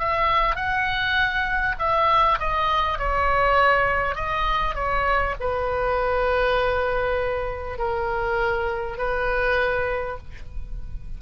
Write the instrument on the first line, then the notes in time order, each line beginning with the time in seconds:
oboe
0.00 E5
0.56 F#5
1.79 E5
2.40 D#5
2.99 C#5
4.16 D#5
4.76 C#5
5.41 B4
7.79 A#4
8.98 B4